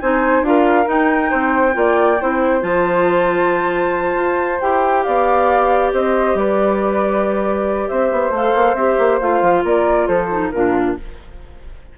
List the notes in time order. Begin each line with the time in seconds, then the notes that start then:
0.00 C4 D#4 C5 G#5
0.42 D4 F4 A#4 F5
0.85 D#4 G5
1.30 C4 C5
1.73 A#3 F4 D5
2.21 C4 E4 C5
2.60 F3 F4 A5
4.15 F4
4.61 E4 G4 G5
5.03 B3 D5 F5
5.93 C4 C5 D#5
6.34 G3 B4 D5
7.89 C4 C5 E5
8.12 B3
8.30 A3 A4 F5
8.55 A#3
8.74 C4 G4 E5
8.99 A#3
9.20 A3 F4 F5
9.42 F3
9.64 A#3 A#4 D5
10.07 F3 A4 C5
10.30 D#4
10.50 A#2 D4 F4 A#4